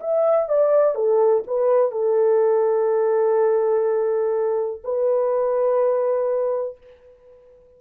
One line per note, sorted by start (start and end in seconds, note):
0.00 0.48 E5
0.48 0.95 D5
0.95 1.43 A4
1.47 1.91 B4
1.91 4.82 A4
4.84 6.77 B4